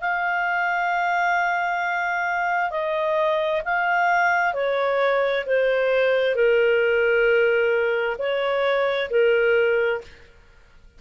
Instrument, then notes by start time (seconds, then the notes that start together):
clarinet
0.00 F5
2.70 D#5
3.64 F5
4.53 C#5
5.46 C5
6.35 A#4
8.18 C#5
9.10 A#4